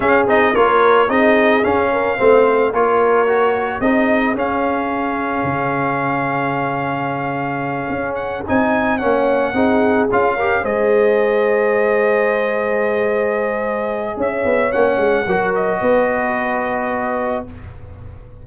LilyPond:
<<
  \new Staff \with { instrumentName = "trumpet" } { \time 4/4 \tempo 4 = 110 f''8 dis''8 cis''4 dis''4 f''4~ | f''4 cis''2 dis''4 | f''1~ | f''2. fis''8 gis''8~ |
gis''8 fis''2 f''4 dis''8~ | dis''1~ | dis''2 e''4 fis''4~ | fis''8 dis''2.~ dis''8 | }
  \new Staff \with { instrumentName = "horn" } { \time 4/4 gis'4 ais'4 gis'4. ais'8 | c''4 ais'2 gis'4~ | gis'1~ | gis'1~ |
gis'8 cis''4 gis'4. ais'8 c''8~ | c''1~ | c''2 cis''2 | ais'4 b'2. | }
  \new Staff \with { instrumentName = "trombone" } { \time 4/4 cis'8 dis'8 f'4 dis'4 cis'4 | c'4 f'4 fis'4 dis'4 | cis'1~ | cis'2.~ cis'8 dis'8~ |
dis'8 cis'4 dis'4 f'8 g'8 gis'8~ | gis'1~ | gis'2. cis'4 | fis'1 | }
  \new Staff \with { instrumentName = "tuba" } { \time 4/4 cis'8 c'8 ais4 c'4 cis'4 | a4 ais2 c'4 | cis'2 cis2~ | cis2~ cis8 cis'4 c'8~ |
c'8 ais4 c'4 cis'4 gis8~ | gis1~ | gis2 cis'8 b8 ais8 gis8 | fis4 b2. | }
>>